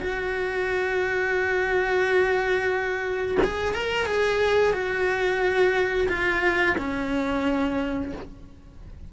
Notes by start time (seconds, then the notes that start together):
0.00 F#4
3.43 G#4
3.74 A#4
4.06 G#4
4.73 F#4
6.09 F4
6.77 C#4